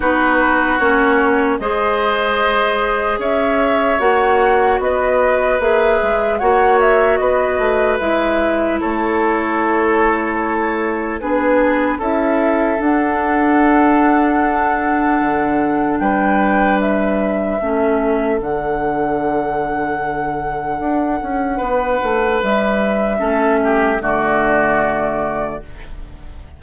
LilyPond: <<
  \new Staff \with { instrumentName = "flute" } { \time 4/4 \tempo 4 = 75 b'4 cis''4 dis''2 | e''4 fis''4 dis''4 e''4 | fis''8 e''8 dis''4 e''4 cis''4~ | cis''2 b'4 e''4 |
fis''1 | g''4 e''2 fis''4~ | fis''1 | e''2 d''2 | }
  \new Staff \with { instrumentName = "oboe" } { \time 4/4 fis'2 c''2 | cis''2 b'2 | cis''4 b'2 a'4~ | a'2 gis'4 a'4~ |
a'1 | b'2 a'2~ | a'2. b'4~ | b'4 a'8 g'8 fis'2 | }
  \new Staff \with { instrumentName = "clarinet" } { \time 4/4 dis'4 cis'4 gis'2~ | gis'4 fis'2 gis'4 | fis'2 e'2~ | e'2 d'4 e'4 |
d'1~ | d'2 cis'4 d'4~ | d'1~ | d'4 cis'4 a2 | }
  \new Staff \with { instrumentName = "bassoon" } { \time 4/4 b4 ais4 gis2 | cis'4 ais4 b4 ais8 gis8 | ais4 b8 a8 gis4 a4~ | a2 b4 cis'4 |
d'2. d4 | g2 a4 d4~ | d2 d'8 cis'8 b8 a8 | g4 a4 d2 | }
>>